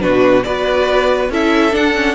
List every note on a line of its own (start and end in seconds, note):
0.00 0.45 B2
0.00 0.43 D4
0.00 0.46 F#4
0.00 0.44 B4
0.44 1.30 B3
0.44 1.31 F#4
0.44 1.32 B4
0.44 1.29 D5
1.30 1.73 C#4
1.30 1.72 E4
1.30 2.16 A4
1.30 1.76 E5
1.72 1.93 D4
1.72 2.16 D4
1.72 2.16 F#5
1.95 2.16 C#4